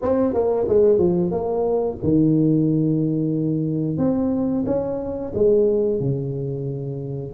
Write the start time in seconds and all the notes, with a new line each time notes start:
0.02 C4
0.33 A#3
0.68 G#3
0.98 F3
1.31 A#3
2.03 D#3
3.97 C4
4.65 C#4
5.34 G#3
6.00 C#3